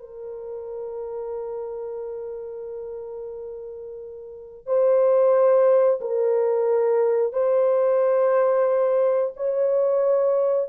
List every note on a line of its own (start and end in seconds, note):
0.00 4.67 A#4
4.67 6.00 C5
6.01 7.33 A#4
7.33 9.33 C5
9.37 10.69 C#5